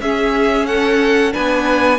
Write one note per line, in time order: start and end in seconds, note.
0.00 1.33 C#4
0.00 1.32 C#4
0.00 0.68 G#4
0.00 0.67 E5
0.67 1.34 A4
0.67 1.33 F#5
1.32 2.00 B3
1.32 1.99 D4
1.32 2.00 B4
1.32 2.00 G#5